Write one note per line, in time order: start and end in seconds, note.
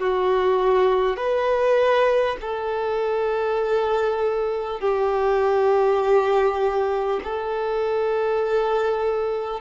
0.00 1.17 F#4
1.17 2.37 B4
2.42 4.81 A4
4.81 7.21 G4
7.24 9.61 A4